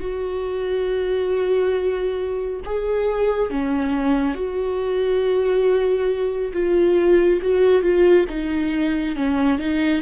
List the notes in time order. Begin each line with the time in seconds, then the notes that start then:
0.00 F#4
2.65 G#4
3.50 C#4
4.35 F#4
6.53 F4
7.42 F#4
7.83 F4
8.29 D#4
9.16 C#4
9.59 D#4